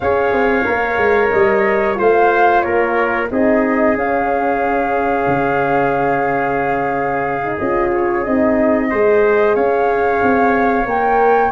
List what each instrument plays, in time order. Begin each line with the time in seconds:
0.00 tuba C#4, horn G#4, trumpet C#5, flute F5
0.32 tuba C4
0.64 tuba A#3, horn A#4
0.97 tuba G#3
1.30 tuba G3, flute D#5
1.95 tuba A3, horn F4, trumpet C5, flute F5
2.61 tuba A#3, trumpet A#4, flute C#5
3.30 tuba C4, horn D#4, trumpet G#4, flute D#5
3.95 horn C#4, tuba C#4, flute F5
5.26 tuba C#3
7.43 horn D#4
7.56 tuba C#4, horn F4, flute D#5
7.93 flute C#5
8.24 tuba C4, horn D#4, flute D#5
8.90 tuba G#3, horn G#4, trumpet C5
9.55 tuba C#4, trumpet C#5, flute F5
10.22 tuba C4
10.85 tuba A#3, horn A#4, flute G5